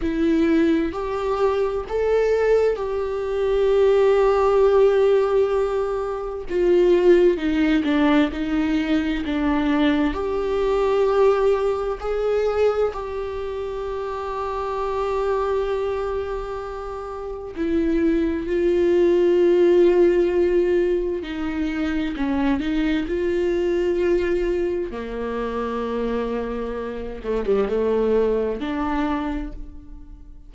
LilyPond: \new Staff \with { instrumentName = "viola" } { \time 4/4 \tempo 4 = 65 e'4 g'4 a'4 g'4~ | g'2. f'4 | dis'8 d'8 dis'4 d'4 g'4~ | g'4 gis'4 g'2~ |
g'2. e'4 | f'2. dis'4 | cis'8 dis'8 f'2 ais4~ | ais4. a16 g16 a4 d'4 | }